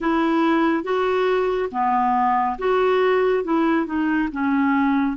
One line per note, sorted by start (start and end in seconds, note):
0.00 0.83 E4
0.83 1.69 F#4
1.71 2.57 B3
2.58 3.44 F#4
3.44 3.86 E4
3.86 4.29 D#4
4.32 5.16 C#4